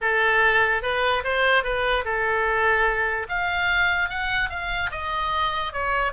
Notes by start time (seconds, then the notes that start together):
0.01 A4
0.82 B4
1.24 C5
1.63 B4
2.04 A4
3.28 F5
4.09 F#5
4.49 F5
4.91 D#5
5.73 C#5